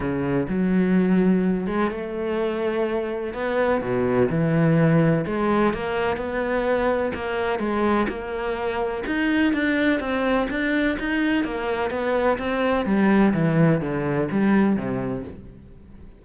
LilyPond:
\new Staff \with { instrumentName = "cello" } { \time 4/4 \tempo 4 = 126 cis4 fis2~ fis8 gis8 | a2. b4 | b,4 e2 gis4 | ais4 b2 ais4 |
gis4 ais2 dis'4 | d'4 c'4 d'4 dis'4 | ais4 b4 c'4 g4 | e4 d4 g4 c4 | }